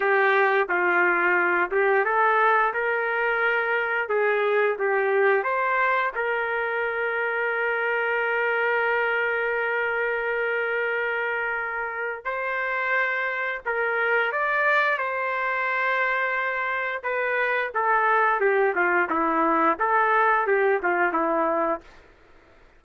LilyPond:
\new Staff \with { instrumentName = "trumpet" } { \time 4/4 \tempo 4 = 88 g'4 f'4. g'8 a'4 | ais'2 gis'4 g'4 | c''4 ais'2.~ | ais'1~ |
ais'2 c''2 | ais'4 d''4 c''2~ | c''4 b'4 a'4 g'8 f'8 | e'4 a'4 g'8 f'8 e'4 | }